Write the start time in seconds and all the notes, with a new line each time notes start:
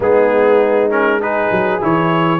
0.00 G#3 B3 D#4 G#4
0.90 C#4 A#4
1.20 D#4 G#4 B4
1.51 F#3
1.80 E3 E4 C#5